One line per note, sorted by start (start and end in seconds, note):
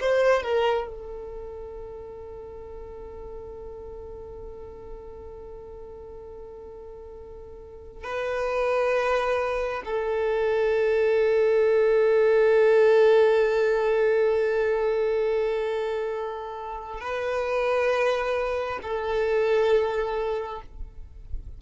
0.00 0.42 C5
0.42 0.87 A#4
0.88 8.03 A4
8.03 9.82 B4
9.84 17.00 A4
17.00 18.79 B4
18.82 20.61 A4